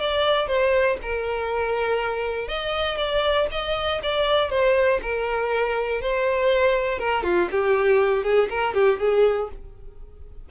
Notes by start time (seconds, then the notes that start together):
0.00 D5
0.47 C5
1.02 A#4
2.48 D#5
2.97 D5
3.51 D#5
4.03 D5
4.50 C5
5.02 A#4
6.01 C5
6.99 A#4
7.23 F4
7.51 G4
8.24 G#4
8.50 A#4
8.74 G4
8.99 G#4